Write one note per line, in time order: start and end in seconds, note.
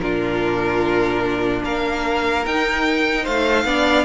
0.00 1.63 A#2
0.00 2.45 D4
0.00 1.64 F4
0.00 1.62 A#4
1.64 2.46 A#3
1.64 3.24 A#4
1.64 2.46 F5
2.46 3.27 D#4
2.46 3.67 D#4
2.46 3.26 G5
3.24 3.65 A3
3.24 3.64 C5
3.24 4.05 F5
3.65 4.05 B3
3.65 4.05 D4
3.65 4.05 D5